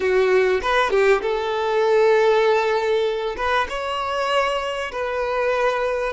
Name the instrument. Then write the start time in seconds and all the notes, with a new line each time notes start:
violin
0.00 F#4
0.62 B4
0.90 G4
1.21 A4
3.36 B4
3.69 C#5
4.91 B4